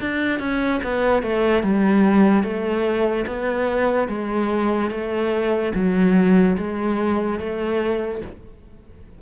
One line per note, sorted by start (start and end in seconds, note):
0.00 0.39 D4
0.39 0.80 C#4
0.83 1.23 B3
1.23 1.63 A3
1.63 2.43 G3
2.43 3.25 A3
3.26 4.08 B3
4.08 4.90 G#3
4.90 5.72 A3
5.74 6.56 F#3
6.57 7.39 G#3
7.39 8.21 A3